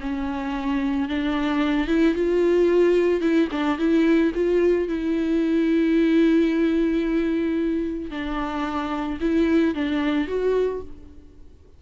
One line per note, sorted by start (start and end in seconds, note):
0.00 1.08 C#4
1.08 1.87 D4
1.87 2.14 E4
2.14 3.21 F4
3.21 3.48 E4
3.51 3.78 D4
3.78 4.32 E4
4.34 4.88 F4
4.88 8.11 E4
8.11 9.19 D4
9.20 9.74 E4
9.74 10.27 D4
10.27 10.81 F#4